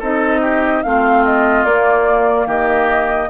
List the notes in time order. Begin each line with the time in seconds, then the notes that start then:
0.00 C4 D#4 A4 D#5
0.41 G4
0.83 A3 C4 F4 F5
1.25 D#5
1.65 A#3 D5
2.46 D#3 G4 D#5